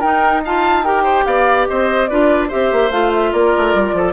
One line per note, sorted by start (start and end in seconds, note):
0.00 1.26 D#4
0.00 0.45 D#4
0.00 0.41 A#4
0.00 0.42 G5
0.45 0.85 F4
0.45 0.85 F5
0.45 0.84 A5
0.84 2.09 G4
0.84 1.03 A#4
0.84 1.26 G5
1.03 1.24 C5
1.26 1.67 B3
1.26 1.68 D5
1.26 1.67 F5
1.68 2.11 C4
1.68 2.10 C5
1.68 2.08 D#5
2.08 2.52 D4
2.08 2.50 F4
2.08 2.48 B4
2.08 2.49 D5
2.48 2.72 C4
2.48 2.91 G4
2.48 3.31 C5
2.48 2.91 E5
2.72 2.91 A#3
2.91 3.32 A3
2.91 4.13 F4
2.91 3.12 F5
3.14 3.33 E5
3.33 3.54 A#3
3.33 3.95 A#4
3.33 4.13 D5
3.57 3.74 A3
3.74 3.93 G3
3.93 4.13 F3
3.93 4.13 A4